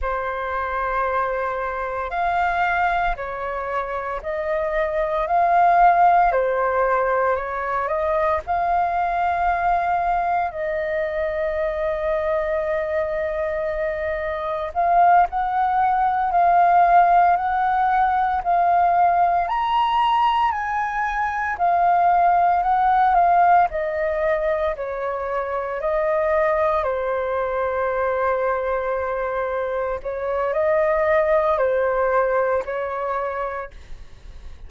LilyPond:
\new Staff \with { instrumentName = "flute" } { \time 4/4 \tempo 4 = 57 c''2 f''4 cis''4 | dis''4 f''4 c''4 cis''8 dis''8 | f''2 dis''2~ | dis''2 f''8 fis''4 f''8~ |
f''8 fis''4 f''4 ais''4 gis''8~ | gis''8 f''4 fis''8 f''8 dis''4 cis''8~ | cis''8 dis''4 c''2~ c''8~ | c''8 cis''8 dis''4 c''4 cis''4 | }